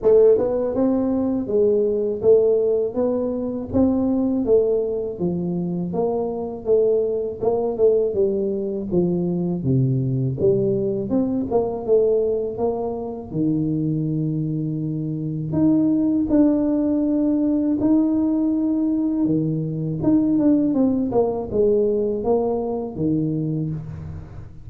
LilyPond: \new Staff \with { instrumentName = "tuba" } { \time 4/4 \tempo 4 = 81 a8 b8 c'4 gis4 a4 | b4 c'4 a4 f4 | ais4 a4 ais8 a8 g4 | f4 c4 g4 c'8 ais8 |
a4 ais4 dis2~ | dis4 dis'4 d'2 | dis'2 dis4 dis'8 d'8 | c'8 ais8 gis4 ais4 dis4 | }